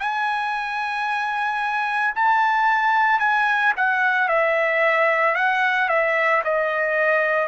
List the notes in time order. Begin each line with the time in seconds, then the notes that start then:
0.00 G#5
2.16 A5
3.20 G#5
3.77 F#5
4.29 E5
5.36 F#5
5.89 E5
6.44 D#5